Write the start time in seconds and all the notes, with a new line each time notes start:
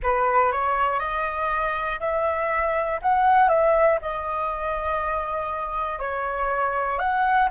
0.03 B4
0.51 C#5
1.00 D#5
2.00 E5
3.02 F#5
3.48 E5
4.01 D#5
5.99 C#5
6.99 F#5